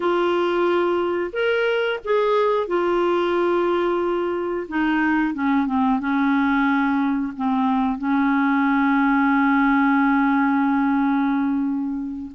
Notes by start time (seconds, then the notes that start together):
0.00 F4
1.32 A#4
2.04 G#4
2.67 F4
4.68 D#4
5.34 C#4
5.66 C4
5.99 C#4
7.36 C4
7.98 C#4